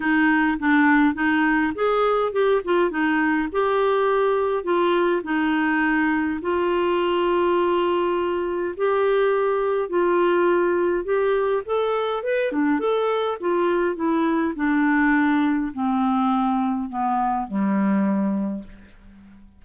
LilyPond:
\new Staff \with { instrumentName = "clarinet" } { \time 4/4 \tempo 4 = 103 dis'4 d'4 dis'4 gis'4 | g'8 f'8 dis'4 g'2 | f'4 dis'2 f'4~ | f'2. g'4~ |
g'4 f'2 g'4 | a'4 b'8 d'8 a'4 f'4 | e'4 d'2 c'4~ | c'4 b4 g2 | }